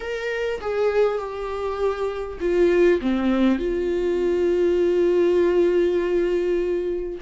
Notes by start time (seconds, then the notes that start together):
0.00 A#4
0.61 G#4
1.18 G4
2.40 F4
3.01 C4
3.58 F4